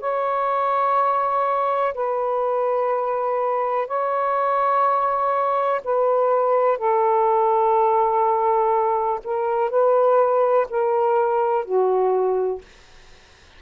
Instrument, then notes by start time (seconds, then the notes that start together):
saxophone
0.00 C#5
1.94 B4
3.88 C#5
5.85 B4
6.78 A4
9.24 A#4
9.70 B4
10.70 A#4
11.65 F#4